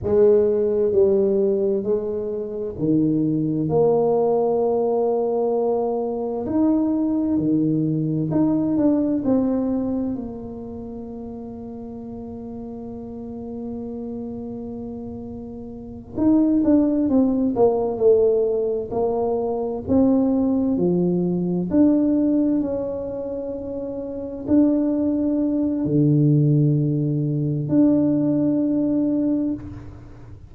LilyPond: \new Staff \with { instrumentName = "tuba" } { \time 4/4 \tempo 4 = 65 gis4 g4 gis4 dis4 | ais2. dis'4 | dis4 dis'8 d'8 c'4 ais4~ | ais1~ |
ais4. dis'8 d'8 c'8 ais8 a8~ | a8 ais4 c'4 f4 d'8~ | d'8 cis'2 d'4. | d2 d'2 | }